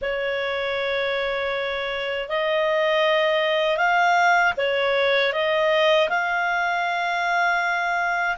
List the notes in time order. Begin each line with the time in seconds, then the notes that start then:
0.01 C#5
2.28 D#5
3.77 F5
4.57 C#5
5.32 D#5
6.09 F5